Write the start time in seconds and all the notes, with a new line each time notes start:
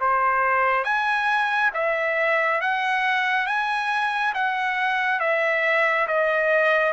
0.00 C5
0.84 G#5
1.74 E5
2.61 F#5
3.46 G#5
4.34 F#5
5.20 E5
6.07 D#5